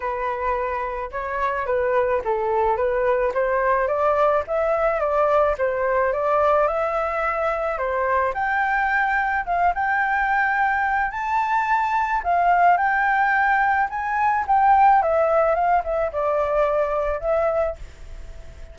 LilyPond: \new Staff \with { instrumentName = "flute" } { \time 4/4 \tempo 4 = 108 b'2 cis''4 b'4 | a'4 b'4 c''4 d''4 | e''4 d''4 c''4 d''4 | e''2 c''4 g''4~ |
g''4 f''8 g''2~ g''8 | a''2 f''4 g''4~ | g''4 gis''4 g''4 e''4 | f''8 e''8 d''2 e''4 | }